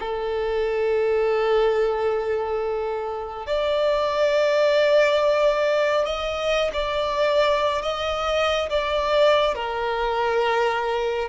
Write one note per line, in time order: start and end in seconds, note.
0.00 3.47 A4
3.47 6.06 D5
6.06 6.71 D#5
6.74 7.82 D5
7.83 8.70 D#5
8.70 9.55 D5
9.55 11.29 A#4